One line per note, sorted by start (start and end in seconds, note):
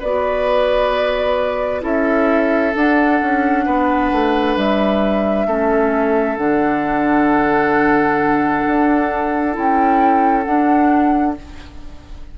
0.00 1.83 B3
0.00 1.82 F#4
0.00 1.82 B4
0.00 1.83 D5
1.82 2.74 C#4
1.82 2.73 E4
1.82 3.65 A4
1.82 2.75 E5
2.75 5.48 D4
2.75 3.22 D4
2.75 4.56 F#5
3.22 3.66 C#4
3.66 4.12 B3
3.66 5.47 B4
4.12 4.57 A3
4.56 5.47 G3
4.56 6.37 E5
5.47 6.37 A3
5.47 6.38 C#4
5.47 11.38 A4
6.37 8.65 D3
6.37 9.53 D4
6.37 9.55 F#5
8.67 9.57 D4
9.53 10.47 C#4
9.53 10.44 E4
9.53 10.44 G5
10.44 11.37 D4
10.44 11.34 F#5